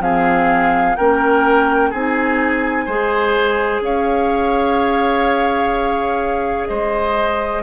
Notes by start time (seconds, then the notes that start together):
0.00 F3 C4 G#4 F5
0.96 A#3 C#4 A#4 G5
1.90 C4 D#4 G#4 G#5
2.85 G#3 G#4 C5
3.81 C#4 C#5 F5
6.68 G#3 C5 D#5